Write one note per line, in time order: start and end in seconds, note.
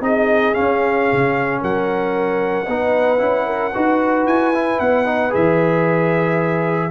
0.00 0.53 C4
0.00 0.53 D#4
0.00 1.61 G#4
0.00 0.54 D#5
0.53 2.66 C#4
0.53 1.12 C#4
0.53 1.60 F5
1.12 1.62 C#3
1.61 2.67 F#3
1.61 2.67 A#4
1.61 4.26 F#5
2.67 3.20 B3
2.67 3.18 D#4
2.67 3.46 B4
3.18 3.73 C#4
3.18 3.71 E4
3.46 3.73 A#4
3.74 4.26 D#4
3.74 4.53 F#4
3.74 6.90 B4
4.26 4.79 E4
4.26 4.79 G#5
4.53 5.05 E4
4.79 5.33 B3
4.79 5.32 F#5
5.05 5.30 D#4
5.30 6.90 E3
5.30 6.89 G#4
5.30 6.90 E5